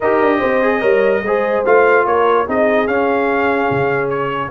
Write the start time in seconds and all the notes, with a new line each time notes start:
0.00 D#4 G4 A#4 D#5
0.20 D4
0.38 C4 C5
0.62 G#4
0.80 G3 A#4 C#5
1.22 G#3 G#4 C5
1.65 A3 F4 F5
2.06 A#3 A#4 C#5
2.46 C4 D#4 G#4 D#5
2.87 C#4 F5
3.70 C#3
4.09 C#5